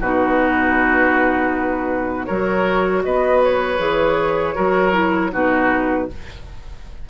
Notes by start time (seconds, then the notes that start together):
0.00 B2 D#4 F#4 B4
2.26 F#3 F#4 A#4 C#5
3.04 B3 B4 D#5
3.43 C#5
3.78 E3 G#4
4.54 F#3 F#4 A#4
4.92 E4
5.32 B2 D#4 F#4 B4